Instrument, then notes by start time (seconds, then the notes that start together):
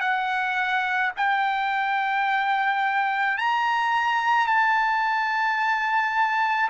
trumpet
0.00 F#5
1.17 G5
3.38 A#5
4.47 A5